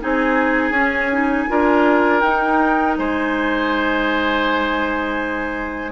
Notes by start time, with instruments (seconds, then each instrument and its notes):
0.00 bassoon C4, clarinet D#4, oboe G#4, flute G#5
0.71 bassoon C#4, clarinet C#4
1.11 clarinet D#4
1.48 bassoon D4, clarinet F4, oboe A#4
2.20 bassoon D#4, flute G5
2.26 clarinet D#4
2.98 bassoon G#3, oboe C5, flute G#5